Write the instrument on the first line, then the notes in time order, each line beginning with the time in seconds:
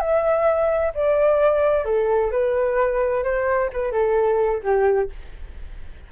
flute
0.00 E5
0.95 D5
1.85 A4
2.32 B4
3.24 C5
3.73 B4
3.92 A4
4.63 G4